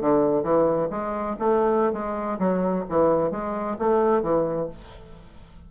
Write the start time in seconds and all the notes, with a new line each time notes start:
0.00 D3
0.42 E3
0.90 G#3
1.38 A3
1.92 G#3
2.38 F#3
2.89 E3
3.31 G#3
3.78 A3
4.22 E3